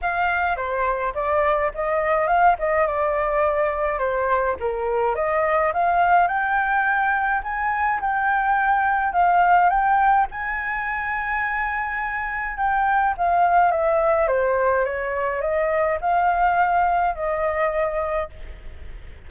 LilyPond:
\new Staff \with { instrumentName = "flute" } { \time 4/4 \tempo 4 = 105 f''4 c''4 d''4 dis''4 | f''8 dis''8 d''2 c''4 | ais'4 dis''4 f''4 g''4~ | g''4 gis''4 g''2 |
f''4 g''4 gis''2~ | gis''2 g''4 f''4 | e''4 c''4 cis''4 dis''4 | f''2 dis''2 | }